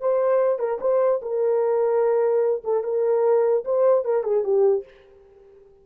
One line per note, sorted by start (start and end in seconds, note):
0.00 0.59 C5
0.59 0.79 A#4
0.81 1.21 C5
1.22 2.62 A#4
2.64 2.84 A4
2.84 3.64 A#4
3.64 4.05 C5
4.05 4.24 A#4
4.24 4.44 G#4
4.44 4.84 G4